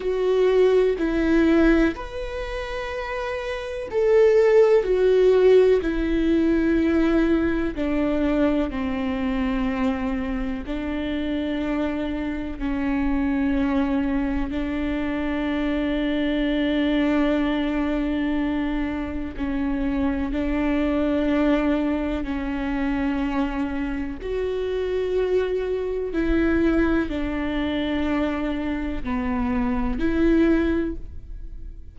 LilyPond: \new Staff \with { instrumentName = "viola" } { \time 4/4 \tempo 4 = 62 fis'4 e'4 b'2 | a'4 fis'4 e'2 | d'4 c'2 d'4~ | d'4 cis'2 d'4~ |
d'1 | cis'4 d'2 cis'4~ | cis'4 fis'2 e'4 | d'2 b4 e'4 | }